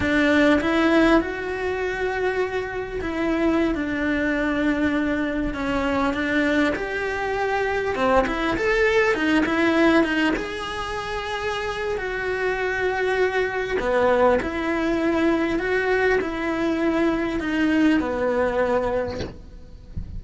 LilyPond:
\new Staff \with { instrumentName = "cello" } { \time 4/4 \tempo 4 = 100 d'4 e'4 fis'2~ | fis'4 e'4~ e'16 d'4.~ d'16~ | d'4~ d'16 cis'4 d'4 g'8.~ | g'4~ g'16 c'8 e'8 a'4 dis'8 e'16~ |
e'8. dis'8 gis'2~ gis'8. | fis'2. b4 | e'2 fis'4 e'4~ | e'4 dis'4 b2 | }